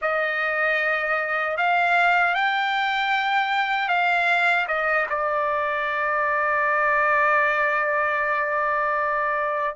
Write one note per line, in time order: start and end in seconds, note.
0.01 1.57 D#5
1.57 2.34 F5
2.34 3.88 G5
3.88 4.66 F5
4.67 5.06 D#5
5.09 9.75 D5